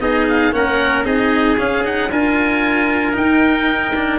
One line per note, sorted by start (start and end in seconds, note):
0.00 0.53 B3
0.00 0.52 D#4
0.00 0.55 G#4
0.00 0.27 D#5
0.28 0.54 F5
0.52 1.04 A#3
0.52 1.04 C#4
0.52 1.06 A#4
0.52 1.05 F#5
1.04 1.57 C4
1.04 1.57 D#4
1.04 2.11 G#4
1.04 1.57 D#5
1.58 1.84 C#4
1.58 2.11 C#4
1.58 1.85 F5
1.84 2.10 D#4
1.84 2.11 F#5
2.11 3.16 D4
2.11 3.13 F4
2.11 4.19 A#4
2.11 3.17 G#5
3.13 3.92 D#4
3.13 4.19 D#4
3.13 4.19 G5
3.95 4.19 D4